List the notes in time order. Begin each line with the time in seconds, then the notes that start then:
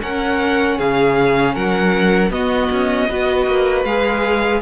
0.00 C#4 A#4 F#5
0.78 C#3 G#4 F5
1.54 F#3 A#4 F#5
2.30 B3 F#4 D#5
2.72 C#4
3.08 B3 F#4 B4
3.47 A#3
3.85 G#3 G#4 F5